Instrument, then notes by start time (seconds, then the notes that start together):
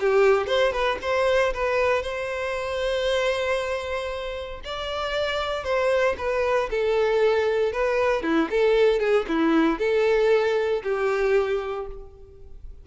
violin
0.00 G4
0.47 C5
0.72 B4
1.02 C5
1.54 B4
2.02 C5
4.64 D5
5.64 C5
6.18 B4
6.71 A4
7.72 B4
8.23 E4
8.50 A4
9.00 G#4
9.28 E4
9.79 A4
10.83 G4